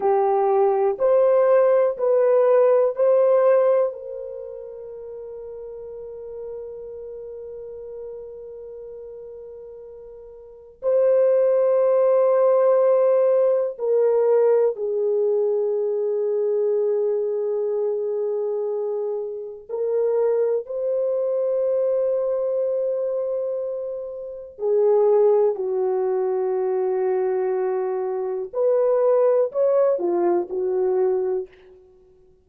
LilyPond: \new Staff \with { instrumentName = "horn" } { \time 4/4 \tempo 4 = 61 g'4 c''4 b'4 c''4 | ais'1~ | ais'2. c''4~ | c''2 ais'4 gis'4~ |
gis'1 | ais'4 c''2.~ | c''4 gis'4 fis'2~ | fis'4 b'4 cis''8 f'8 fis'4 | }